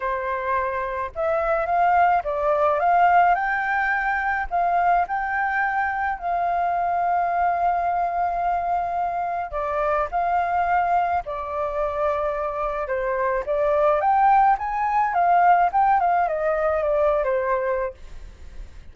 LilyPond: \new Staff \with { instrumentName = "flute" } { \time 4/4 \tempo 4 = 107 c''2 e''4 f''4 | d''4 f''4 g''2 | f''4 g''2 f''4~ | f''1~ |
f''4 d''4 f''2 | d''2. c''4 | d''4 g''4 gis''4 f''4 | g''8 f''8 dis''4 d''8. c''4~ c''16 | }